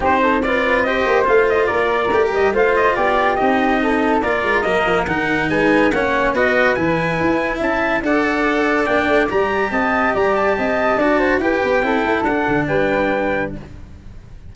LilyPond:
<<
  \new Staff \with { instrumentName = "trumpet" } { \time 4/4 \tempo 4 = 142 c''4 d''4 dis''4 f''8 dis''8 | d''4. dis''8 f''8 dis''8 d''4 | dis''2 d''4 dis''4 | fis''4 gis''4 fis''4 dis''4 |
gis''2 a''4 fis''4~ | fis''4 g''4 ais''4 a''4 | ais''8 a''2~ a''8 g''4~ | g''4 fis''4 g''2 | }
  \new Staff \with { instrumentName = "flute" } { \time 4/4 g'8 a'8 b'4 c''2 | ais'2 c''4 g'4~ | g'4 a'4 ais'2~ | ais'4 b'4 cis''4 b'4~ |
b'2 e''4 d''4~ | d''2. dis''4 | d''4 dis''4 d''8 c''8 b'4 | a'2 b'2 | }
  \new Staff \with { instrumentName = "cello" } { \time 4/4 dis'4 f'4 g'4 f'4~ | f'4 g'4 f'2 | dis'2 f'4 ais4 | dis'2 cis'4 fis'4 |
e'2. a'4~ | a'4 d'4 g'2~ | g'2 fis'4 g'4 | e'4 d'2. | }
  \new Staff \with { instrumentName = "tuba" } { \time 4/4 c'2~ c'8 ais8 a4 | ais4 a8 g8 a4 b4 | c'2 ais8 gis8 fis8 f8 | dis4 gis4 ais4 b4 |
e4 e'4 cis'4 d'4~ | d'4 ais8 a8 g4 c'4 | g4 c'4 d'4 e'8 b8 | c'8 a8 d'8 d8 g2 | }
>>